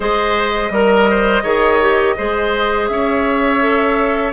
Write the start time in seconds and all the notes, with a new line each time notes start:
0.00 G#3 G#4 C5 D#5
0.70 G3 A#4
1.10 C5
1.43 D#3 G#4 C#5
1.80 G4
2.17 G#3 G#4 C5
2.87 C#4 C#5 E5
3.60 A4